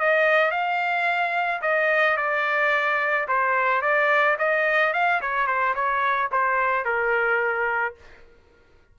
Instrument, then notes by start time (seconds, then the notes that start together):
trumpet
0.00 D#5
0.52 F5
1.62 D#5
2.17 D5
3.28 C5
3.82 D5
4.39 D#5
4.93 F5
5.21 C#5
5.47 C5
5.75 C#5
6.32 C5
6.85 A#4